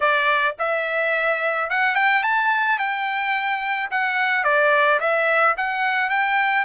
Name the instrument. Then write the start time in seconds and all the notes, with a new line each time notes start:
trumpet
0.00 D5
0.58 E5
1.70 F#5
1.95 G5
2.23 A5
2.78 G5
3.90 F#5
4.44 D5
5.00 E5
5.57 F#5
6.09 G5